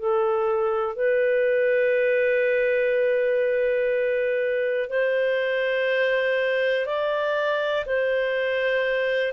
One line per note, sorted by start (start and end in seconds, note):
0.00 0.97 A4
0.97 4.90 B4
4.90 6.87 C5
6.87 7.85 D5
7.86 9.33 C5